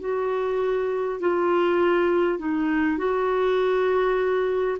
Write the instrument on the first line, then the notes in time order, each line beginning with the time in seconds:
clarinet
0.00 F#4
1.21 F4
2.39 D#4
2.98 F#4